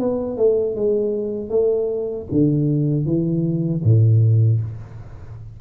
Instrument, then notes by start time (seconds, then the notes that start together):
tuba
0.00 B3
0.37 A3
0.76 G#3
1.50 A3
2.32 D3
3.06 E3
3.84 A2